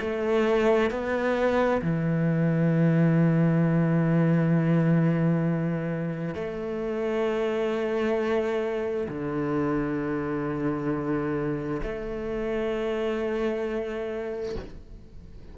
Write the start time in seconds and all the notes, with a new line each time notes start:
0.00 A3
0.90 B3
1.82 E3
6.35 A3
9.09 D3
11.83 A3